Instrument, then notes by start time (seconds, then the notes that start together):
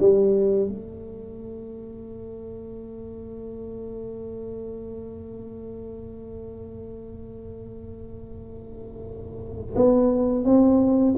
tuba
0.00 G3
0.68 A3
9.76 B3
10.45 C4